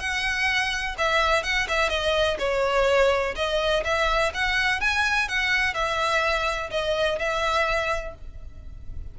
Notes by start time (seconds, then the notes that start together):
0.00 F#5
0.98 E5
1.44 F#5
1.69 E5
1.90 D#5
2.39 C#5
3.36 D#5
3.85 E5
4.34 F#5
4.81 G#5
5.29 F#5
5.75 E5
6.71 D#5
7.19 E5